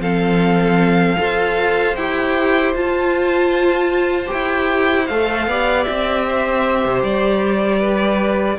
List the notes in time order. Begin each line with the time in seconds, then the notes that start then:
0.00 F3 C4 A4 F5
1.17 F4 A4 C5
1.96 E4 G4 G5
2.74 F4 A5
4.27 G4 G5
4.33 E4
5.07 A3 A4 F5
5.47 B3 G4 D5
5.84 C4 E5
6.27 C5
6.85 C3
7.03 G3 D5
7.79 B4